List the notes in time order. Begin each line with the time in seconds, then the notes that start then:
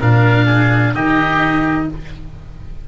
0.00 A#2 D4 A#4 F5
0.46 G#4
0.94 D#3 D#4 G4 D#5